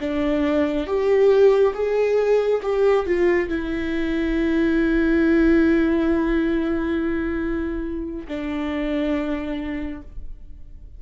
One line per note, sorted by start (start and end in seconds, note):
0.00 0.87 D4
0.87 1.74 G4
1.74 2.61 G#4
2.63 3.06 G4
3.06 3.49 F4
3.49 8.27 E4
8.28 10.02 D4